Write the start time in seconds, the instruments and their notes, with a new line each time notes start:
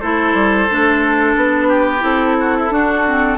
0.00 bassoon A3, clarinet E4, oboe A4, flute C5
0.33 bassoon G3
0.69 bassoon A3, clarinet D4
1.35 bassoon B3, flute B4
1.68 oboe G4
1.99 bassoon C4, clarinet E4, flute A4
2.40 oboe F#4
2.57 oboe E4
2.70 bassoon D4, clarinet D4, oboe F#4
3.05 clarinet C4